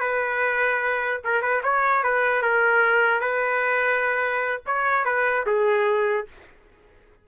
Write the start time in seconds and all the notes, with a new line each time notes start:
0.00 B4
1.24 A#4
1.42 B4
1.63 C#5
2.03 B4
2.42 A#4
3.20 B4
4.66 C#5
5.05 B4
5.46 G#4